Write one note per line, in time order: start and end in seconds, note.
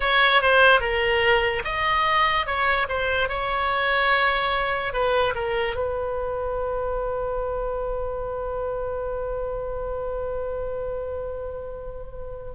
0.00 0.41 C#5
0.41 0.80 C5
0.80 1.62 A#4
1.64 2.46 D#5
2.46 2.87 C#5
2.88 3.28 C5
3.28 4.93 C#5
4.93 5.34 B4
5.34 5.75 A#4
5.75 12.53 B4